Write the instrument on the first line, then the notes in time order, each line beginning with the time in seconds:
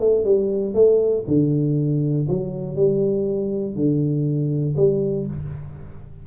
tuba
0.00 A3
0.25 G3
0.74 A3
1.27 D3
2.29 F#3
2.76 G3
3.75 D3
4.77 G3